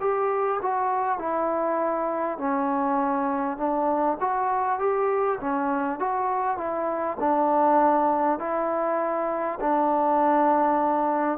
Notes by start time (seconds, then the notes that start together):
0.00 G4
0.62 F#4
1.18 E4
2.38 C#4
3.57 D4
4.21 F#4
4.79 G4
5.41 C#4
5.99 F#4
6.57 E4
7.20 D4
8.39 E4
9.60 D4